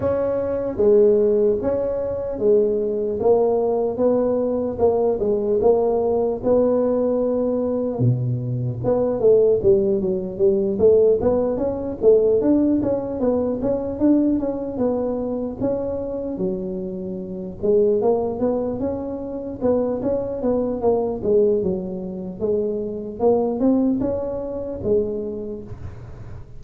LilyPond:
\new Staff \with { instrumentName = "tuba" } { \time 4/4 \tempo 4 = 75 cis'4 gis4 cis'4 gis4 | ais4 b4 ais8 gis8 ais4 | b2 b,4 b8 a8 | g8 fis8 g8 a8 b8 cis'8 a8 d'8 |
cis'8 b8 cis'8 d'8 cis'8 b4 cis'8~ | cis'8 fis4. gis8 ais8 b8 cis'8~ | cis'8 b8 cis'8 b8 ais8 gis8 fis4 | gis4 ais8 c'8 cis'4 gis4 | }